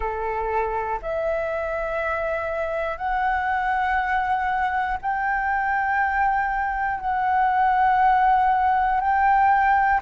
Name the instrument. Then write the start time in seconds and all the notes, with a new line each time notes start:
flute
0.00 A4
1.02 E5
2.97 F#5
5.01 G5
7.00 F#5
9.00 G5